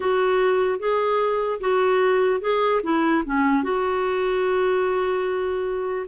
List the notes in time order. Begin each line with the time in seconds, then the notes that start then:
0.00 F#4
0.79 G#4
1.60 F#4
2.40 G#4
2.83 E4
3.25 C#4
3.63 F#4